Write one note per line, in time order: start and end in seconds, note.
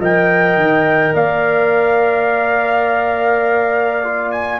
0.00 0.57 F3
0.00 4.04 A#4
0.00 1.15 D#5
0.00 1.15 G5
0.57 1.14 D#3
1.14 4.60 A#3
1.14 4.60 D5
1.14 4.32 F5
4.04 4.60 F4
4.32 4.60 G#5